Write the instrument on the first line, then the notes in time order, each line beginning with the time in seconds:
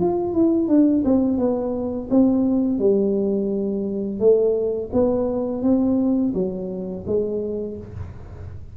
tuba
0.00 F4
0.33 E4
0.68 D4
1.05 C4
1.38 B3
2.10 C4
2.79 G3
4.19 A3
4.93 B3
5.62 C4
6.34 F#3
7.07 G#3